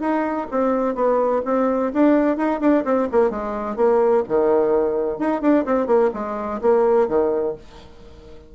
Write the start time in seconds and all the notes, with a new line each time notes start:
0.00 D#4
0.51 C4
0.95 B3
1.45 C4
1.93 D4
2.37 D#4
2.60 D4
2.84 C4
3.12 A#3
3.30 G#3
3.76 A#3
4.28 D#3
5.19 D#4
5.41 D4
5.65 C4
5.87 A#3
6.14 G#3
6.61 A#3
7.08 D#3